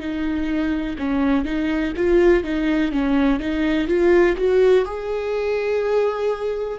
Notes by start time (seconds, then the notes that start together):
0.00 D#4
0.99 C#4
1.45 D#4
1.97 F4
2.44 D#4
2.92 C#4
3.40 D#4
3.88 F4
4.37 F#4
4.86 G#4